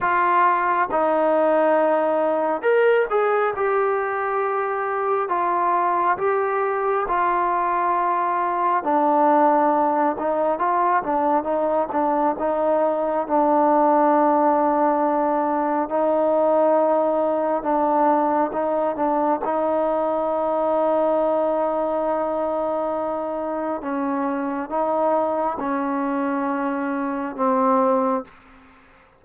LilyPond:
\new Staff \with { instrumentName = "trombone" } { \time 4/4 \tempo 4 = 68 f'4 dis'2 ais'8 gis'8 | g'2 f'4 g'4 | f'2 d'4. dis'8 | f'8 d'8 dis'8 d'8 dis'4 d'4~ |
d'2 dis'2 | d'4 dis'8 d'8 dis'2~ | dis'2. cis'4 | dis'4 cis'2 c'4 | }